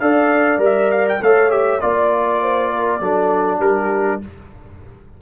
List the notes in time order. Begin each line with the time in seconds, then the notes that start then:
0.00 D4 A4 D5 F5
0.58 G3 A#4
0.65 E5
0.92 F5
1.09 G5
1.21 A3 A4 C#5 F5
1.50 G4 E5
1.81 A#3 F4 D5
2.42 C5
2.72 A#4
3.00 F#3 D4 A4
3.59 G3 G4 A#4